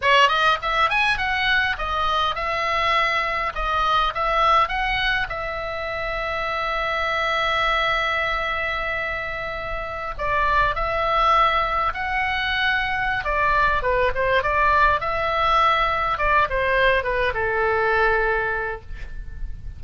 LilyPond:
\new Staff \with { instrumentName = "oboe" } { \time 4/4 \tempo 4 = 102 cis''8 dis''8 e''8 gis''8 fis''4 dis''4 | e''2 dis''4 e''4 | fis''4 e''2.~ | e''1~ |
e''4~ e''16 d''4 e''4.~ e''16~ | e''16 fis''2~ fis''16 d''4 b'8 | c''8 d''4 e''2 d''8 | c''4 b'8 a'2~ a'8 | }